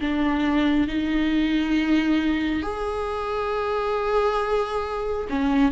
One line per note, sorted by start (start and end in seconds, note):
0.00 0.87 D4
0.87 2.62 D#4
2.62 5.27 G#4
5.29 5.71 C#4